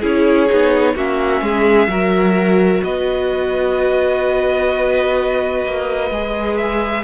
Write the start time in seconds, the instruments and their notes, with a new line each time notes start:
0.00 cello C#4, viola E4, violin G#4 C#5
0.48 cello B3, viola D#4
0.95 cello A#3, viola C#4, violin F#4 E5
1.41 cello G#3, violin G#4
1.87 cello F#3, viola F#4, violin A#4
2.83 cello B3, violin B4 D#5
5.65 cello A#3
6.10 cello G#3, viola G#4
6.57 violin E5